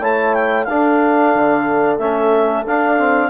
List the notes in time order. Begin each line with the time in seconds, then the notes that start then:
0.00 A3 E4 C#5 A5
0.34 G5
0.64 D4 A4 F5
1.35 D3
1.98 A3 C#4 E5
2.66 D4 F5
2.98 C4